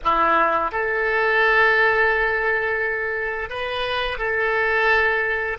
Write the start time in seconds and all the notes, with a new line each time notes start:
0.03 E4
0.71 A4
3.49 B4
4.18 A4